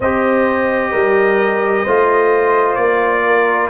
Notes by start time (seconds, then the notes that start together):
0.00 C4 G4 C5 D#5
0.91 G3 A#4
1.83 A3 F4 C5
2.75 A#3 D5
3.25 A#4